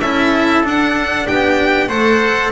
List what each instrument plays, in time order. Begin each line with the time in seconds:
0.00 double bass C#4, cello E4, trumpet A4, violin E5
0.64 cello D4, double bass D4, violin F#5
1.27 double bass B3, trumpet G4, violin G5
1.88 double bass A3, cello A4, trumpet C5, violin F#5